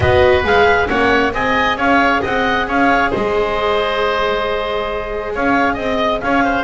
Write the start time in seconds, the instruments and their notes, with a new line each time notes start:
0.00 double bass B3, viola F#4, oboe B4, clarinet D#5
0.43 double bass G#3, viola G#4, clarinet F5
0.86 double bass A#3, viola C#4, oboe C#5, clarinet F#5
1.32 double bass C4, viola G#4, oboe D#5, clarinet G#5
1.76 double bass C#4, oboe C#5, clarinet F5
2.21 double bass C4, oboe D#5, clarinet F#5
2.67 double bass C#4, oboe C#5, clarinet F5
3.10 double bass G#3, oboe C5, clarinet D#5
5.34 double bass C#4, oboe C#5, clarinet F5
5.73 double bass C4, oboe D#5, clarinet D#5
6.20 double bass C#4, oboe C#5, clarinet F5
6.43 oboe C5